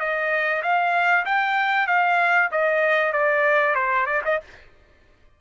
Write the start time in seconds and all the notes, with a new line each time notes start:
0.00 D#5
0.63 F5
1.25 G5
1.87 F5
2.51 D#5
3.12 D5
3.75 C5
4.06 D5
4.25 D#5